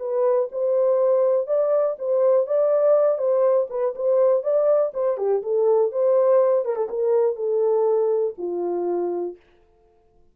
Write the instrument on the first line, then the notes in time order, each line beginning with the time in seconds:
horn
0.00 B4
0.52 C5
1.48 D5
1.99 C5
2.47 D5
3.19 C5
3.70 B4
3.96 C5
4.44 D5
4.94 C5
5.18 G4
5.43 A4
5.92 C5
6.65 A#4
6.76 A4
6.90 A#4
7.36 A4
8.38 F4